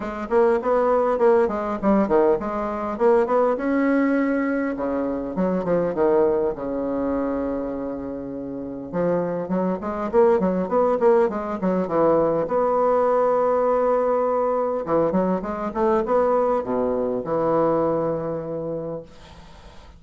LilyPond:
\new Staff \with { instrumentName = "bassoon" } { \time 4/4 \tempo 4 = 101 gis8 ais8 b4 ais8 gis8 g8 dis8 | gis4 ais8 b8 cis'2 | cis4 fis8 f8 dis4 cis4~ | cis2. f4 |
fis8 gis8 ais8 fis8 b8 ais8 gis8 fis8 | e4 b2.~ | b4 e8 fis8 gis8 a8 b4 | b,4 e2. | }